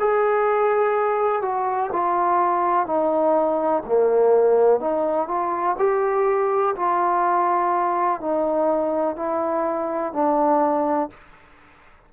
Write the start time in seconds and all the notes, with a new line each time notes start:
0.00 G#4
1.42 F#4
1.93 F4
2.87 D#4
3.87 A#3
4.81 D#4
5.28 F4
5.79 G4
6.76 F4
8.21 D#4
9.17 E4
10.14 D4